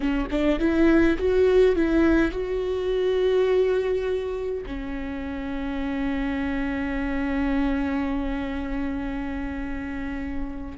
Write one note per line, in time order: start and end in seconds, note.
0.00 0.27 C#4
0.30 0.59 D4
0.59 1.17 E4
1.18 1.75 F#4
1.75 2.31 E4
2.31 4.64 F#4
4.66 10.77 C#4